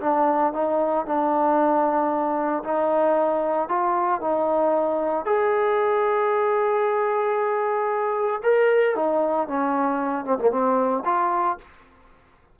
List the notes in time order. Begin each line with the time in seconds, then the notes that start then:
0.00 D4
0.53 D#4
1.05 D4
2.63 D#4
3.68 F4
4.21 D#4
5.25 G#4
8.43 A#4
8.95 D#4
9.47 C#4
10.24 C4
10.38 A#3
10.50 C4
11.05 F4